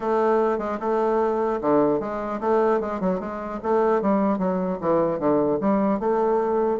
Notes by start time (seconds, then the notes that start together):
0.00 A3
0.58 G#3
0.80 A3
1.61 D3
2.00 G#3
2.40 A3
2.80 G#3
3.00 F#3
3.20 G#3
3.62 A3
4.01 G3
4.38 F#3
4.80 E3
5.19 D3
5.60 G3
5.99 A3